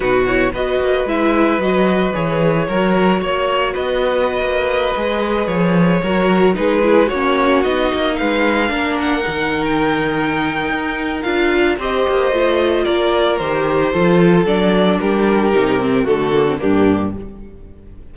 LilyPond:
<<
  \new Staff \with { instrumentName = "violin" } { \time 4/4 \tempo 4 = 112 b'8 cis''8 dis''4 e''4 dis''4 | cis''2. dis''4~ | dis''2~ dis''16 cis''4.~ cis''16~ | cis''16 b'4 cis''4 dis''4 f''8.~ |
f''8. fis''4~ fis''16 g''2~ | g''4 f''4 dis''2 | d''4 c''2 d''4 | ais'2 a'4 g'4 | }
  \new Staff \with { instrumentName = "violin" } { \time 4/4 fis'4 b'2.~ | b'4 ais'4 cis''4 b'4~ | b'2.~ b'16 ais'8.~ | ais'16 gis'4 fis'2 b'8.~ |
b'16 ais'2.~ ais'8.~ | ais'2 c''2 | ais'2 a'2 | g'2 fis'4 d'4 | }
  \new Staff \with { instrumentName = "viola" } { \time 4/4 dis'8 e'8 fis'4 e'4 fis'4 | gis'4 fis'2.~ | fis'4~ fis'16 gis'2 fis'8.~ | fis'16 dis'8 e'8 cis'4 dis'4.~ dis'16~ |
dis'16 d'4 dis'2~ dis'8.~ | dis'4 f'4 g'4 f'4~ | f'4 g'4 f'4 d'4~ | d'4 dis'8 c'8 a8 ais16 c'16 ais4 | }
  \new Staff \with { instrumentName = "cello" } { \time 4/4 b,4 b8 ais8 gis4 fis4 | e4 fis4 ais4 b4~ | b16 ais4 gis4 f4 fis8.~ | fis16 gis4 ais4 b8 ais8 gis8.~ |
gis16 ais4 dis2~ dis8. | dis'4 d'4 c'8 ais8 a4 | ais4 dis4 f4 fis4 | g4 c4 d4 g,4 | }
>>